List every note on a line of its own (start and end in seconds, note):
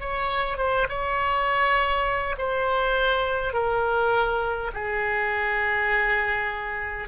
0.00 0.58 C#5
0.58 0.87 C5
0.89 2.36 C#5
2.38 3.53 C5
3.53 4.71 A#4
4.73 7.08 G#4